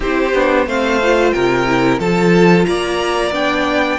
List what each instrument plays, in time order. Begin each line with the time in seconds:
0.00 cello C4, viola E4, violin G4 C5
0.33 cello B3, viola D4
0.66 cello A3, viola C4, violin C5 F5
1.02 viola F4
1.32 cello C3, violin A#4 G5
1.67 viola E4
1.98 cello F3, viola F4, violin A4 A5
2.65 cello A#3, violin D5 A#5
3.31 cello B3, viola D4, violin G5